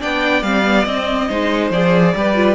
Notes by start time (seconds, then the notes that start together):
0.00 B3 D4 D5 G5
0.42 G3 C4 F5
0.64 B3
0.84 C4 D#5
1.29 G#3 D#4 C5
1.70 F3 G#4 D5
2.15 G3 G4 B4
2.35 F4